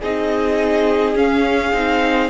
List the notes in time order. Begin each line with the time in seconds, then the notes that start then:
0.00 C4 D#4 G#4 D#5
1.15 C#4 F5
1.73 C4 D#4